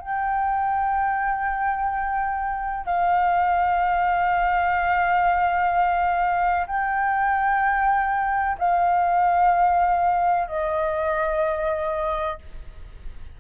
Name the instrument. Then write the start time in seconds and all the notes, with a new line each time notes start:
flute
0.00 G5
2.86 F5
6.67 G5
8.58 F5
10.48 D#5